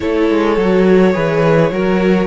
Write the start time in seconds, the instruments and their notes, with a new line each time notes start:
0.00 cello A3, viola E4, violin A4 C#5
0.30 cello G#3
0.57 cello F#3, viola F#4
1.13 cello E3, viola G#4, violin B4
1.71 cello F#3, viola F#4, violin A#4